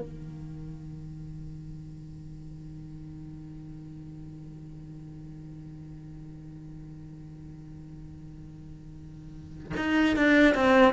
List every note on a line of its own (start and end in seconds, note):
0.00 9.73 D#3
9.77 10.16 D#4
10.16 10.55 D4
10.55 10.93 C4